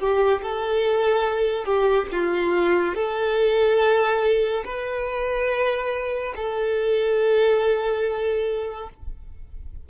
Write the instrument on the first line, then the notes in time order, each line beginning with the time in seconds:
violin
0.00 G4
0.43 A4
1.66 G4
2.12 F4
2.95 A4
4.66 B4
6.36 A4